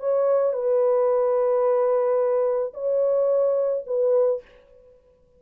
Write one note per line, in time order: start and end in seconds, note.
0.00 0.53 C#5
0.53 2.73 B4
2.74 3.84 C#5
3.87 4.42 B4